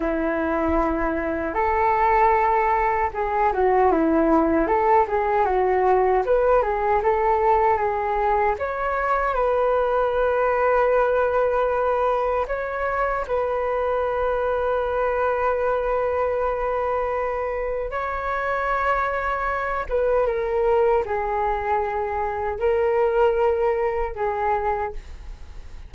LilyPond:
\new Staff \with { instrumentName = "flute" } { \time 4/4 \tempo 4 = 77 e'2 a'2 | gis'8 fis'8 e'4 a'8 gis'8 fis'4 | b'8 gis'8 a'4 gis'4 cis''4 | b'1 |
cis''4 b'2.~ | b'2. cis''4~ | cis''4. b'8 ais'4 gis'4~ | gis'4 ais'2 gis'4 | }